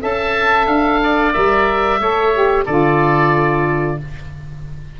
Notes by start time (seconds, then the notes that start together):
0.00 C#4 A4 E5 A5
0.66 D4 F5
1.03 D5
1.33 G3 A#4 E5
2.00 A3 A4 C#5
2.33 G4
2.65 D3 F4 A4 D5